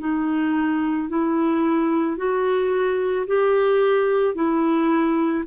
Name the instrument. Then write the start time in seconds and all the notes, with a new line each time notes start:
clarinet
0.00 D#4
1.09 E4
2.17 F#4
3.27 G4
4.35 E4